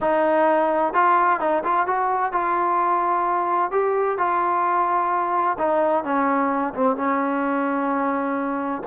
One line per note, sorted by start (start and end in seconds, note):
0.01 0.93 D#4
0.93 1.40 F4
1.40 1.63 D#4
1.63 1.86 F4
1.86 2.32 F#4
2.32 3.71 F4
3.71 4.17 G4
4.17 5.57 F4
5.58 6.04 D#4
6.04 6.73 C#4
6.74 6.96 C4
6.96 8.82 C#4